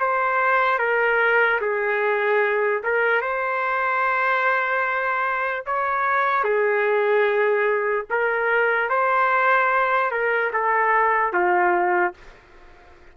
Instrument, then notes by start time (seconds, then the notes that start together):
trumpet
0.00 C5
0.79 A#4
1.61 G#4
2.83 A#4
3.21 C5
5.66 C#5
6.44 G#4
8.10 A#4
8.90 C5
10.11 A#4
10.53 A4
11.33 F4